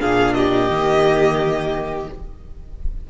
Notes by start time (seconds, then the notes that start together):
0.00 A#2 D4 G#4 F5
0.33 G4 D#5
0.69 D#3 A#3